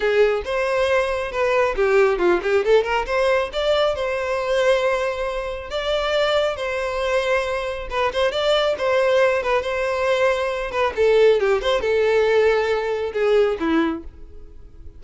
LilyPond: \new Staff \with { instrumentName = "violin" } { \time 4/4 \tempo 4 = 137 gis'4 c''2 b'4 | g'4 f'8 g'8 a'8 ais'8 c''4 | d''4 c''2.~ | c''4 d''2 c''4~ |
c''2 b'8 c''8 d''4 | c''4. b'8 c''2~ | c''8 b'8 a'4 g'8 c''8 a'4~ | a'2 gis'4 e'4 | }